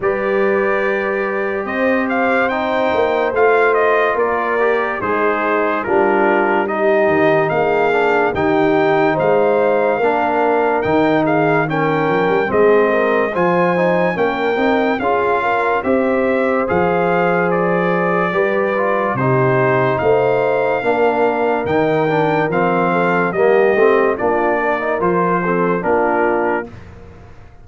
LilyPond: <<
  \new Staff \with { instrumentName = "trumpet" } { \time 4/4 \tempo 4 = 72 d''2 dis''8 f''8 g''4 | f''8 dis''8 d''4 c''4 ais'4 | dis''4 f''4 g''4 f''4~ | f''4 g''8 f''8 g''4 dis''4 |
gis''4 g''4 f''4 e''4 | f''4 d''2 c''4 | f''2 g''4 f''4 | dis''4 d''4 c''4 ais'4 | }
  \new Staff \with { instrumentName = "horn" } { \time 4/4 b'2 c''2~ | c''4 ais'4 dis'4 f'4 | g'4 gis'4 g'4 c''4 | ais'4. gis'8 ais'4 gis'8 ais'8 |
c''4 ais'4 gis'8 ais'8 c''4~ | c''2 b'4 g'4 | c''4 ais'2~ ais'8 a'8 | g'4 f'8 ais'4 a'8 f'4 | }
  \new Staff \with { instrumentName = "trombone" } { \time 4/4 g'2. dis'4 | f'4. g'8 gis'4 d'4 | dis'4. d'8 dis'2 | d'4 dis'4 cis'4 c'4 |
f'8 dis'8 cis'8 dis'8 f'4 g'4 | gis'2 g'8 f'8 dis'4~ | dis'4 d'4 dis'8 d'8 c'4 | ais8 c'8 d'8. dis'16 f'8 c'8 d'4 | }
  \new Staff \with { instrumentName = "tuba" } { \time 4/4 g2 c'4. ais8 | a4 ais4 gis4 g4~ | g8 dis8 ais4 dis4 gis4 | ais4 dis4. f16 g16 gis4 |
f4 ais8 c'8 cis'4 c'4 | f2 g4 c4 | a4 ais4 dis4 f4 | g8 a8 ais4 f4 ais4 | }
>>